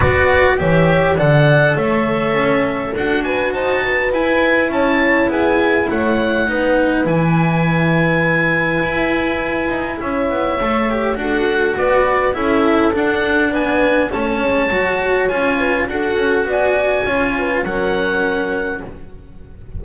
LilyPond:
<<
  \new Staff \with { instrumentName = "oboe" } { \time 4/4 \tempo 4 = 102 d''4 e''4 fis''4 e''4~ | e''4 fis''8 gis''8 a''4 gis''4 | a''4 gis''4 fis''2 | gis''1~ |
gis''4 e''2 fis''4 | d''4 e''4 fis''4 gis''4 | a''2 gis''4 fis''4 | gis''2 fis''2 | }
  \new Staff \with { instrumentName = "horn" } { \time 4/4 b'4 cis''4 d''4 cis''4~ | cis''4 a'8 b'8 c''8 b'4. | cis''4 gis'4 cis''4 b'4~ | b'1~ |
b'4 cis''2 a'4 | b'4 a'2 b'4 | cis''2~ cis''8 b'8 a'4 | d''4 cis''8 b'8 ais'2 | }
  \new Staff \with { instrumentName = "cello" } { \time 4/4 fis'4 g'4 a'2~ | a'4 fis'2 e'4~ | e'2. dis'4 | e'1~ |
e'2 a'8 g'8 fis'4~ | fis'4 e'4 d'2 | cis'4 fis'4 f'4 fis'4~ | fis'4 f'4 cis'2 | }
  \new Staff \with { instrumentName = "double bass" } { \time 4/4 b4 e4 d4 a4 | cis'4 d'4 dis'4 e'4 | cis'4 b4 a4 b4 | e2. e'4~ |
e'8 dis'8 cis'8 b8 a4 d'4 | b4 cis'4 d'4 b4 | a8 gis8 fis4 cis'4 d'8 cis'8 | b4 cis'4 fis2 | }
>>